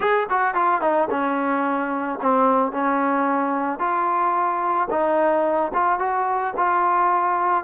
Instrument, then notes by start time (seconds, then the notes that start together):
trombone
0.00 G#4
0.29 F#4
0.54 F4
0.81 D#4
1.10 C#4
2.21 C4
2.71 C#4
3.79 F4
4.90 D#4
5.73 F4
5.99 F#4
6.57 F4